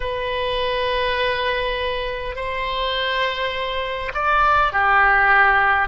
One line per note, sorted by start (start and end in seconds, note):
0.00 2.35 B4
2.35 4.12 C5
4.13 4.72 D5
4.72 5.88 G4